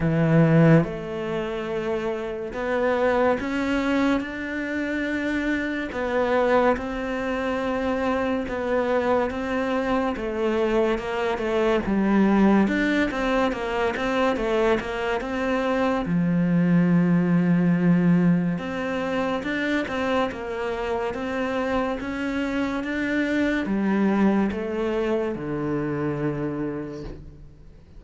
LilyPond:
\new Staff \with { instrumentName = "cello" } { \time 4/4 \tempo 4 = 71 e4 a2 b4 | cis'4 d'2 b4 | c'2 b4 c'4 | a4 ais8 a8 g4 d'8 c'8 |
ais8 c'8 a8 ais8 c'4 f4~ | f2 c'4 d'8 c'8 | ais4 c'4 cis'4 d'4 | g4 a4 d2 | }